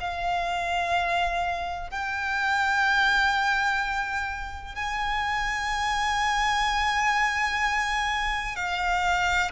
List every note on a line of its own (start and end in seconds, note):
0.00 1.90 F5
1.90 4.75 G5
4.75 8.56 G#5
8.56 9.51 F5